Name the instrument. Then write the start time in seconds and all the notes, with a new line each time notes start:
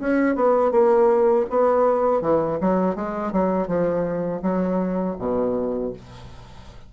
bassoon
0.00 C#4
0.36 B3
0.72 A#3
1.50 B3
2.22 E3
2.61 F#3
2.96 G#3
3.33 F#3
3.67 F3
4.42 F#3
5.19 B2